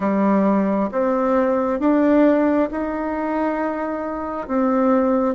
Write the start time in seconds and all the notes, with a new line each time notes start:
0.00 G3
0.91 C4
1.79 D4
2.71 D#4
4.47 C4